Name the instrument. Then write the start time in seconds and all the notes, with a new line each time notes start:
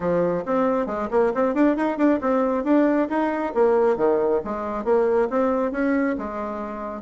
bassoon
0.00 F3
0.45 C4
0.86 G#3
1.10 A#3
1.34 C4
1.54 D4
1.76 D#4
1.97 D4
2.21 C4
2.64 D4
3.09 D#4
3.54 A#3
3.97 D#3
4.44 G#3
4.84 A#3
5.30 C4
5.71 C#4
6.18 G#3